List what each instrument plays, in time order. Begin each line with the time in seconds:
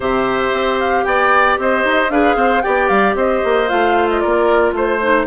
0.00 bassoon C3, clarinet G4, oboe C5, flute E5
0.52 bassoon C4
0.79 flute F5
1.04 bassoon B3, oboe D5, flute G5
1.57 bassoon C4, oboe C5, flute D#5
1.84 bassoon D#4
2.09 bassoon D4, clarinet G#4, oboe B4, flute F5
2.35 bassoon C4, oboe C5
2.62 bassoon B3, clarinet G4, oboe D5, flute G5
2.88 bassoon G3, flute F5
3.15 bassoon C4, oboe C5, flute D#5
3.44 bassoon A#3
3.68 bassoon A3, clarinet F4, flute F5
4.10 flute D#5
4.19 bassoon A#3, oboe A#4, flute D5
4.72 bassoon A3, oboe C5, flute C5
5.01 clarinet D#4